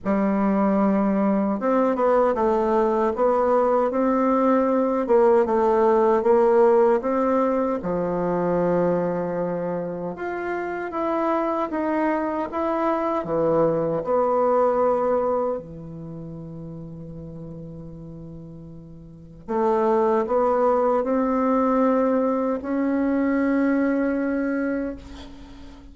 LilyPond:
\new Staff \with { instrumentName = "bassoon" } { \time 4/4 \tempo 4 = 77 g2 c'8 b8 a4 | b4 c'4. ais8 a4 | ais4 c'4 f2~ | f4 f'4 e'4 dis'4 |
e'4 e4 b2 | e1~ | e4 a4 b4 c'4~ | c'4 cis'2. | }